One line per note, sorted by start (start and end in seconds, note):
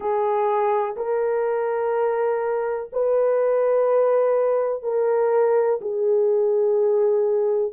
0.00 0.95 G#4
0.96 2.89 A#4
2.92 4.83 B4
4.83 5.79 A#4
5.81 7.72 G#4